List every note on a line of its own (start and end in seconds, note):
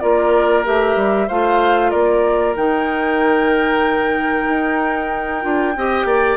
0.00 0.67 A#3
0.00 0.64 F4
0.00 1.28 A#4
0.00 0.64 D5
0.64 0.96 A3
0.64 1.28 G4
0.64 1.28 E5
0.96 1.28 G3
1.28 1.93 A3
1.28 2.56 F4
1.28 1.91 C5
1.28 1.90 F5
1.90 2.56 A#3
1.90 5.74 A#4
1.90 2.54 D5
2.56 4.48 D#3
2.56 5.42 D#4
2.56 6.37 G5
4.49 5.44 D#4
5.42 5.76 D4
5.42 5.74 F4
5.76 6.05 C4
5.76 6.37 G4
5.76 6.07 D#5
6.05 6.37 A#3
6.05 6.37 D5